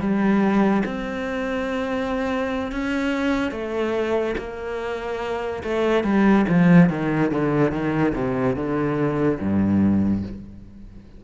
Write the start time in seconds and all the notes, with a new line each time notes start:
0.00 G3
0.86 C4
2.72 C#4
3.52 A3
4.38 A#3
5.64 A3
6.04 G3
6.49 F3
6.90 D#3
7.31 D3
7.72 D#3
8.14 C3
8.56 D3
9.40 G2